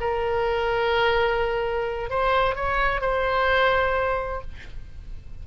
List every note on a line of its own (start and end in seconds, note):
0.00 2.09 A#4
2.09 2.55 C5
2.55 3.01 C#5
3.01 4.41 C5